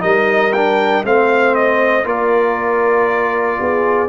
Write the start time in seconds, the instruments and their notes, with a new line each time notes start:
0.00 tuba G3, trombone D#4, horn A#4, trumpet D#5
0.53 trombone D4, trumpet G5
1.04 tuba A3, trombone C4, horn C5, trumpet F5
1.55 trumpet D#5
2.04 tuba A#3, trombone F4, horn A#4, trumpet D5
3.60 tuba B3, horn G#4